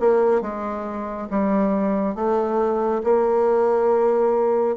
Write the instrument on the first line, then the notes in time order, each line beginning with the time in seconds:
bassoon
0.00 A#3
0.42 G#3
1.30 G3
2.15 A3
3.04 A#3